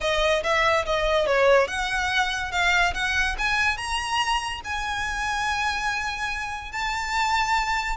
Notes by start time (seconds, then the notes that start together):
0.00 D#5
0.43 E5
0.85 D#5
1.26 C#5
1.67 F#5
2.51 F5
2.94 F#5
3.38 G#5
3.77 A#5
4.64 G#5
6.72 A5